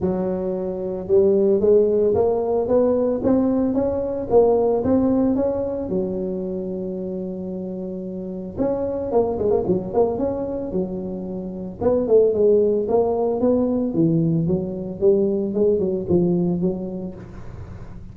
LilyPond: \new Staff \with { instrumentName = "tuba" } { \time 4/4 \tempo 4 = 112 fis2 g4 gis4 | ais4 b4 c'4 cis'4 | ais4 c'4 cis'4 fis4~ | fis1 |
cis'4 ais8 gis16 ais16 fis8 ais8 cis'4 | fis2 b8 a8 gis4 | ais4 b4 e4 fis4 | g4 gis8 fis8 f4 fis4 | }